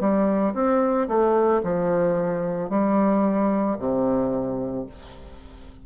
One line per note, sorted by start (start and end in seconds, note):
0.00 0.54 G3
0.54 1.07 C4
1.08 1.61 A3
1.63 2.69 F3
2.69 3.76 G3
3.78 4.86 C3